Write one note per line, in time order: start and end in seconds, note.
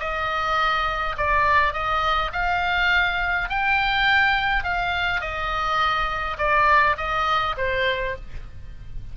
0.00 1.17 D#5
1.18 1.74 D5
1.74 2.32 D#5
2.33 3.50 F5
3.50 4.64 G5
4.64 5.21 F5
5.21 6.38 D#5
6.39 6.97 D5
6.98 7.56 D#5
7.58 8.16 C5